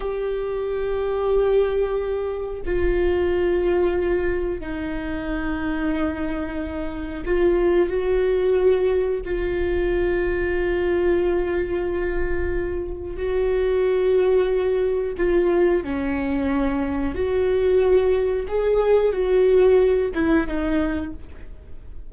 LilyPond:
\new Staff \with { instrumentName = "viola" } { \time 4/4 \tempo 4 = 91 g'1 | f'2. dis'4~ | dis'2. f'4 | fis'2 f'2~ |
f'1 | fis'2. f'4 | cis'2 fis'2 | gis'4 fis'4. e'8 dis'4 | }